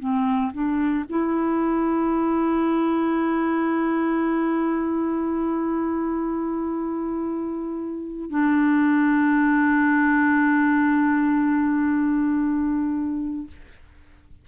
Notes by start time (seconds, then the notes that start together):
0.00 C4
0.54 D4
1.10 E4
8.30 D4